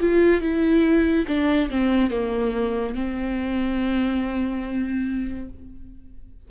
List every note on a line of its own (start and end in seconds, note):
0.00 0.41 F4
0.41 1.26 E4
1.28 1.70 D4
1.70 2.10 C4
2.10 2.95 A#3
2.95 5.49 C4